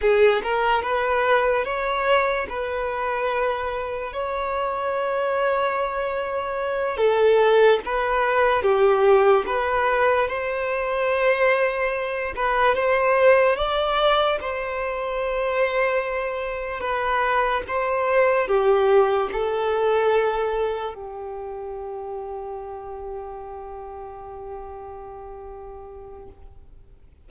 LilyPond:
\new Staff \with { instrumentName = "violin" } { \time 4/4 \tempo 4 = 73 gis'8 ais'8 b'4 cis''4 b'4~ | b'4 cis''2.~ | cis''8 a'4 b'4 g'4 b'8~ | b'8 c''2~ c''8 b'8 c''8~ |
c''8 d''4 c''2~ c''8~ | c''8 b'4 c''4 g'4 a'8~ | a'4. g'2~ g'8~ | g'1 | }